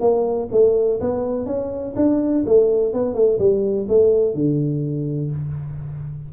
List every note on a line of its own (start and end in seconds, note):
0.00 0.48 A#3
0.51 1.00 A3
1.00 1.46 B3
1.46 1.94 C#4
1.96 2.44 D4
2.46 2.93 A3
2.93 3.14 B3
3.14 3.38 A3
3.38 3.87 G3
3.88 4.34 A3
4.34 5.31 D3